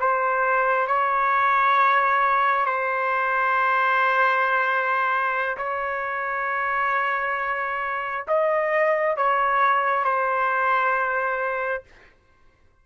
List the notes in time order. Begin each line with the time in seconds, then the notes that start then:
0.00 C5
0.88 C#5
2.66 C5
5.58 C#5
8.28 D#5
9.17 C#5
10.05 C5